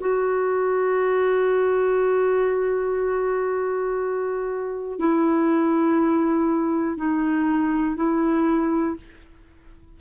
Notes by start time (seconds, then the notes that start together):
0.00 F#4
4.99 E4
6.96 D#4
7.96 E4